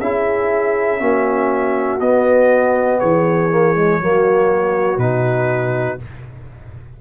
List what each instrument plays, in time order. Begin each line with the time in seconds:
0.00 tuba C#4, trombone E4, horn G#4, trumpet E5
0.99 tuba A#3, trombone C#4, horn F#4
2.00 tuba B3, trombone B3, trumpet D#5
2.99 tuba E3, horn G#4, trumpet C#5
3.50 trombone A#3
3.75 trombone G#3
4.00 tuba F#3, trombone A#3, horn F#4
4.97 tuba B2, trombone D#4, trumpet B4